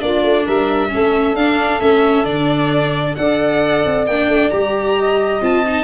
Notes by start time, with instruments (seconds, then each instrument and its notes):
0.00 tuba A#3, viola D4, saxophone F4, violin D5
0.23 tuba A3
0.44 tuba G3, saxophone A#4, violin E5
0.89 viola C#4, saxophone A4
0.95 tuba A3
1.34 tuba D4, viola D4, violin F5
1.81 tuba A3, viola C#4, violin E5
2.24 tuba D3, viola D4, violin D5
3.16 tuba D4, viola A4, saxophone D5, violin F#5
3.85 tuba C4
4.07 tuba A#3, viola D4, violin G5
4.28 tuba A3
4.50 tuba G3, viola G4, violin A#5
4.99 saxophone D#5
5.42 tuba C4, viola F4, violin A5
5.67 viola D#4